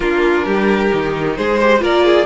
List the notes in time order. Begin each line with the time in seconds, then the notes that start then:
0.00 A#3 D4 F4 A#4
0.45 G3 G4
0.90 D#3 D#4
1.36 G#3 G#4 C5
1.59 G4 C5
1.79 A#3 F4 A#4 D5
2.04 G#4